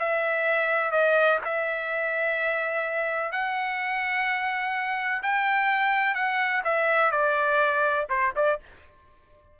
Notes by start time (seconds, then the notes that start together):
0.00 E5
0.92 D#5
1.45 E5
3.32 F#5
5.23 G5
6.15 F#5
6.65 E5
7.12 D5
8.10 C5
8.36 D5